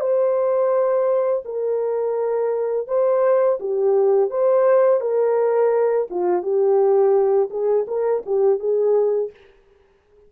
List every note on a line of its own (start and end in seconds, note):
0.00 1.43 C5
1.45 2.87 A#4
2.87 3.58 C5
3.59 4.30 G4
4.30 5.00 C5
5.00 6.07 A#4
6.10 6.42 F4
6.42 7.49 G4
7.50 7.86 G#4
7.87 8.23 A#4
8.25 8.59 G4
8.59 9.31 G#4